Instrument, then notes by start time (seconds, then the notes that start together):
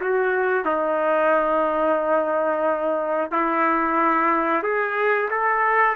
trumpet
0.00 F#4
0.65 D#4
3.31 E4
4.62 G#4
5.30 A4